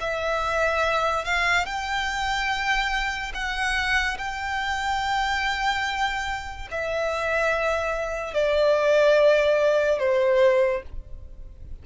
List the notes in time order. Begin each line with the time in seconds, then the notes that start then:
0.00 E5
1.24 F5
1.65 G5
3.34 F#5
4.18 G5
6.70 E5
8.33 D5
9.99 C5